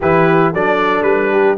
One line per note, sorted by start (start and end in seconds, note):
0.00 0.53 E3
0.00 0.54 E4
0.00 0.52 G4
0.00 0.53 B4
0.53 1.02 F#3
0.53 1.57 D4
0.53 1.31 A4
0.53 1.03 D5
1.02 1.55 G3
1.02 1.55 B4
1.32 1.57 G4